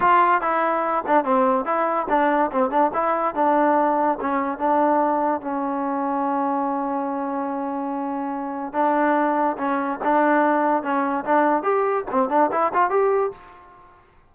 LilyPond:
\new Staff \with { instrumentName = "trombone" } { \time 4/4 \tempo 4 = 144 f'4 e'4. d'8 c'4 | e'4 d'4 c'8 d'8 e'4 | d'2 cis'4 d'4~ | d'4 cis'2.~ |
cis'1~ | cis'4 d'2 cis'4 | d'2 cis'4 d'4 | g'4 c'8 d'8 e'8 f'8 g'4 | }